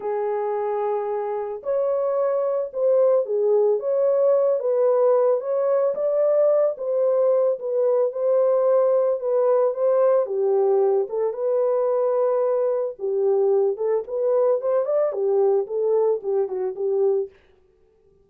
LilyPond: \new Staff \with { instrumentName = "horn" } { \time 4/4 \tempo 4 = 111 gis'2. cis''4~ | cis''4 c''4 gis'4 cis''4~ | cis''8 b'4. cis''4 d''4~ | d''8 c''4. b'4 c''4~ |
c''4 b'4 c''4 g'4~ | g'8 a'8 b'2. | g'4. a'8 b'4 c''8 d''8 | g'4 a'4 g'8 fis'8 g'4 | }